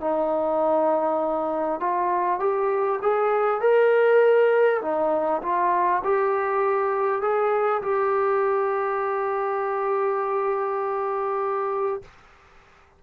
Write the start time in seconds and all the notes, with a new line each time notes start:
0.00 D#4
1.80 F4
2.39 G4
3.02 G#4
3.61 A#4
4.82 D#4
5.42 F4
6.04 G4
7.21 G#4
7.82 G4